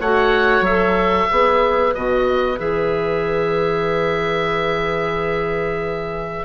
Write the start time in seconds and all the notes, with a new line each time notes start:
0.00 A3 F#4 C#5 F#5
0.61 F#3 A4 E5
1.28 B3 G#4 B4
1.94 B2 F#4 D#5
2.58 E3 G#4 E5